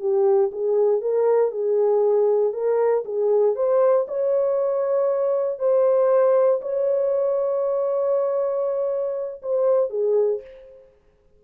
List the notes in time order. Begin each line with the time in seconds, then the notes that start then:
0.00 G4
0.52 G#4
1.01 A#4
1.52 G#4
2.53 A#4
3.05 G#4
3.55 C5
4.08 C#5
5.59 C5
6.62 C#5
9.42 C5
9.90 G#4